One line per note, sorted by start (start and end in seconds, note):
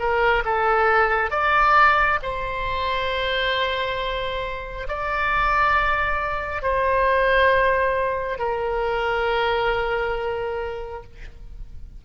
0.00 0.44 A#4
0.45 1.31 A4
1.31 2.19 D5
2.23 4.88 C5
4.89 6.63 D5
6.63 8.39 C5
8.39 11.04 A#4